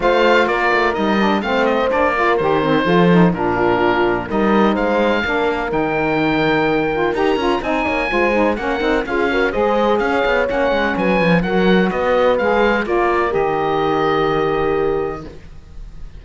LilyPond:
<<
  \new Staff \with { instrumentName = "oboe" } { \time 4/4 \tempo 4 = 126 f''4 d''4 dis''4 f''8 dis''8 | d''4 c''2 ais'4~ | ais'4 dis''4 f''2 | g''2. ais''4 |
gis''2 fis''4 f''4 | dis''4 f''4 fis''4 gis''4 | fis''4 dis''4 f''4 d''4 | dis''1 | }
  \new Staff \with { instrumentName = "horn" } { \time 4/4 c''4 ais'2 c''4~ | c''8 ais'4. a'4 f'4~ | f'4 ais'4 c''4 ais'4~ | ais'1 |
dis''8 cis''8 c''4 ais'4 gis'8 ais'8 | c''4 cis''2 b'4 | ais'4 b'2 ais'4~ | ais'1 | }
  \new Staff \with { instrumentName = "saxophone" } { \time 4/4 f'2 dis'8 d'8 c'4 | d'8 f'8 g'8 c'8 f'8 dis'8 d'4~ | d'4 dis'2 d'4 | dis'2~ dis'8 f'8 g'8 f'8 |
dis'4 f'8 dis'8 cis'8 dis'8 f'8 fis'8 | gis'2 cis'2 | fis'2 gis'4 f'4 | g'1 | }
  \new Staff \with { instrumentName = "cello" } { \time 4/4 a4 ais8 a8 g4 a4 | ais4 dis4 f4 ais,4~ | ais,4 g4 gis4 ais4 | dis2. dis'8 cis'8 |
c'8 ais8 gis4 ais8 c'8 cis'4 | gis4 cis'8 b8 ais8 gis8 fis8 f8 | fis4 b4 gis4 ais4 | dis1 | }
>>